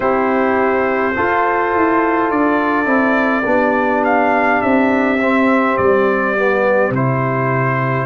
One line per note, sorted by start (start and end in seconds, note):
0.00 1.15 C4
0.00 1.15 E4
0.00 1.15 G4
0.00 2.31 C5
1.15 2.85 F4
1.15 1.75 F4
1.15 3.45 A4
1.75 2.31 E4
2.31 2.86 D4
2.31 4.04 D5
2.85 3.43 C4
2.85 3.43 E4
3.45 4.61 B3
3.45 5.18 D4
3.45 8.06 G4
4.04 4.61 F5
4.61 5.78 C4
4.61 5.77 E5
5.21 6.36 C4
5.77 6.90 G3
5.77 6.92 D5
6.37 6.94 B3
6.90 8.05 C3
6.90 8.06 E4
6.90 8.06 C5